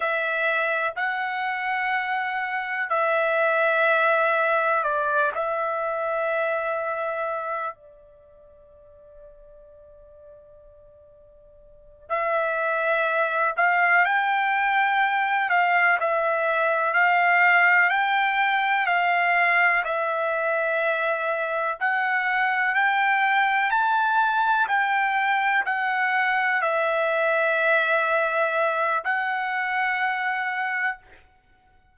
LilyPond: \new Staff \with { instrumentName = "trumpet" } { \time 4/4 \tempo 4 = 62 e''4 fis''2 e''4~ | e''4 d''8 e''2~ e''8 | d''1~ | d''8 e''4. f''8 g''4. |
f''8 e''4 f''4 g''4 f''8~ | f''8 e''2 fis''4 g''8~ | g''8 a''4 g''4 fis''4 e''8~ | e''2 fis''2 | }